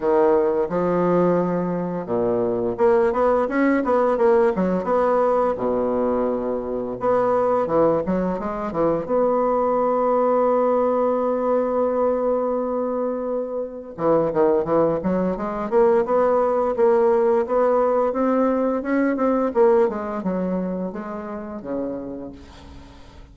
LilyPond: \new Staff \with { instrumentName = "bassoon" } { \time 4/4 \tempo 4 = 86 dis4 f2 ais,4 | ais8 b8 cis'8 b8 ais8 fis8 b4 | b,2 b4 e8 fis8 | gis8 e8 b2.~ |
b1 | e8 dis8 e8 fis8 gis8 ais8 b4 | ais4 b4 c'4 cis'8 c'8 | ais8 gis8 fis4 gis4 cis4 | }